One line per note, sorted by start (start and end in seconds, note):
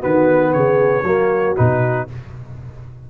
0.00 0.54 D#3
0.00 1.04 B3
0.00 0.51 F#4
0.00 0.53 B4
0.53 1.04 C#3
0.53 1.05 G#4
0.53 1.56 C#5
1.04 1.55 F#3
1.04 1.57 A#3
1.04 2.08 F#4
1.57 2.10 B2
1.57 2.08 D#4
1.57 2.08 B4